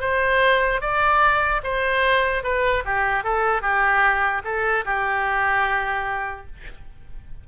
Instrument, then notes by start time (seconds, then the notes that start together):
oboe
0.00 C5
0.81 D5
1.63 C5
2.43 B4
2.85 G4
3.24 A4
3.61 G4
4.44 A4
4.85 G4